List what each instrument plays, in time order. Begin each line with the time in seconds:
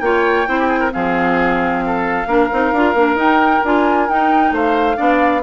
0.00 bassoon A#3, clarinet F4, oboe C#5, flute G5
0.46 bassoon C4, clarinet E4, oboe C5
0.59 oboe G4
0.68 oboe G#4
0.80 oboe A#4
0.92 bassoon F3, clarinet C4, oboe G#4, flute F5
1.86 oboe A4
2.26 bassoon A#3, clarinet D4, oboe A#4
2.51 bassoon C4, clarinet D#4
2.72 bassoon D4, clarinet F4
2.94 bassoon A#3, clarinet D4
3.15 bassoon D#4, clarinet D#4, flute G5
3.64 bassoon D4, clarinet F4, flute G#5
4.09 bassoon D#4, clarinet D#4, flute G5
4.51 bassoon A3, oboe C5, flute F5
4.96 bassoon B3, clarinet D4, oboe D5